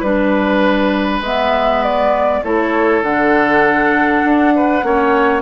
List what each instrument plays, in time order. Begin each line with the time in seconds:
0.00 bassoon G3, clarinet D4, oboe B4, flute B4
1.21 bassoon G#3, clarinet B3, flute E5
1.83 flute D5
2.44 bassoon A3, clarinet E4, oboe A4, flute C#5
3.01 bassoon D3, clarinet D4, flute F#5
4.24 bassoon D4
4.55 oboe B4
4.83 bassoon A#3, clarinet C#4, oboe C#5